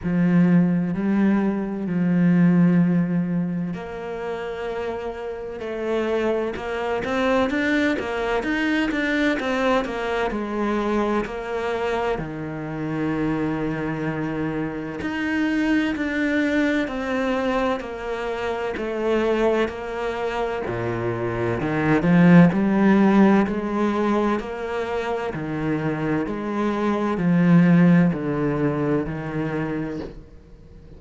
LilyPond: \new Staff \with { instrumentName = "cello" } { \time 4/4 \tempo 4 = 64 f4 g4 f2 | ais2 a4 ais8 c'8 | d'8 ais8 dis'8 d'8 c'8 ais8 gis4 | ais4 dis2. |
dis'4 d'4 c'4 ais4 | a4 ais4 ais,4 dis8 f8 | g4 gis4 ais4 dis4 | gis4 f4 d4 dis4 | }